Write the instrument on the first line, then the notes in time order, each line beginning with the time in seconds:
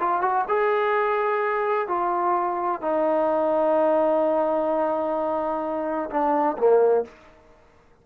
trombone
0.00 F4
0.22 F#4
0.48 G#4
1.88 F4
2.82 D#4
6.10 D4
6.58 A#3